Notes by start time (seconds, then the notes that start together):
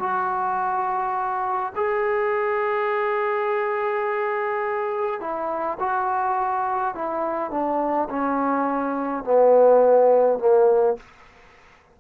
0.00 F#4
1.76 G#4
5.21 E4
5.80 F#4
6.95 E4
7.51 D4
8.10 C#4
9.25 B3
10.40 A#3